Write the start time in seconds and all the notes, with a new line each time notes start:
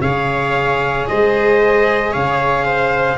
0.00 C#3 G#4 C#5 F5
1.08 G#3 C5 D#5
2.11 C#3 C#5 F5
2.65 C5